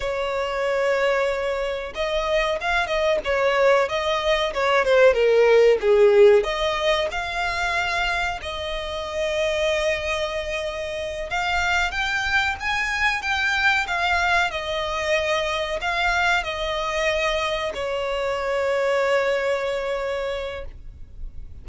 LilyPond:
\new Staff \with { instrumentName = "violin" } { \time 4/4 \tempo 4 = 93 cis''2. dis''4 | f''8 dis''8 cis''4 dis''4 cis''8 c''8 | ais'4 gis'4 dis''4 f''4~ | f''4 dis''2.~ |
dis''4. f''4 g''4 gis''8~ | gis''8 g''4 f''4 dis''4.~ | dis''8 f''4 dis''2 cis''8~ | cis''1 | }